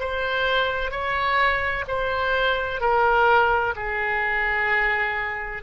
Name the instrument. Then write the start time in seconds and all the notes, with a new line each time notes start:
oboe
0.00 C5
0.91 C#5
1.88 C5
2.81 A#4
3.76 G#4